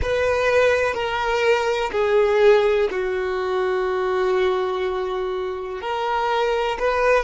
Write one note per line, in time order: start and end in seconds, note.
0.02 0.94 B4
0.94 1.90 A#4
1.91 2.88 G#4
2.90 5.81 F#4
5.81 6.77 A#4
6.79 7.24 B4